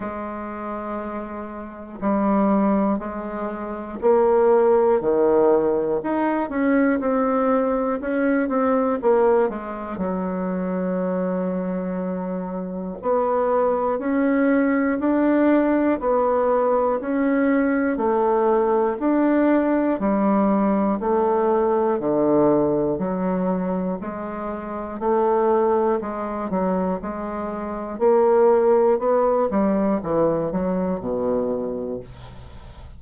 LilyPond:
\new Staff \with { instrumentName = "bassoon" } { \time 4/4 \tempo 4 = 60 gis2 g4 gis4 | ais4 dis4 dis'8 cis'8 c'4 | cis'8 c'8 ais8 gis8 fis2~ | fis4 b4 cis'4 d'4 |
b4 cis'4 a4 d'4 | g4 a4 d4 fis4 | gis4 a4 gis8 fis8 gis4 | ais4 b8 g8 e8 fis8 b,4 | }